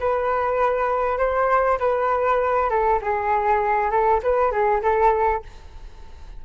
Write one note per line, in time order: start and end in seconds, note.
0.00 1.18 B4
1.18 1.79 C5
1.80 2.70 B4
2.70 3.01 A4
3.02 3.91 G#4
3.91 4.21 A4
4.23 4.52 B4
4.52 4.82 G#4
4.83 5.43 A4